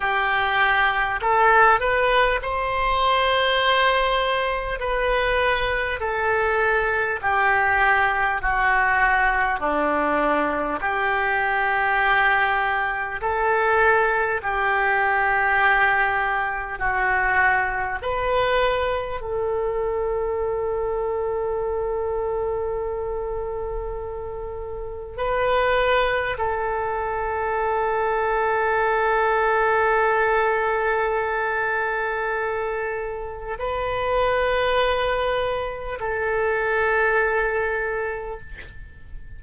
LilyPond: \new Staff \with { instrumentName = "oboe" } { \time 4/4 \tempo 4 = 50 g'4 a'8 b'8 c''2 | b'4 a'4 g'4 fis'4 | d'4 g'2 a'4 | g'2 fis'4 b'4 |
a'1~ | a'4 b'4 a'2~ | a'1 | b'2 a'2 | }